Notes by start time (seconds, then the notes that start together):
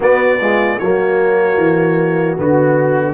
0.00 B3 F#4 D5
0.40 G#3 F4
0.78 F#3 A#3 F#4 C#5
1.57 E3
2.37 D3 B3 F#4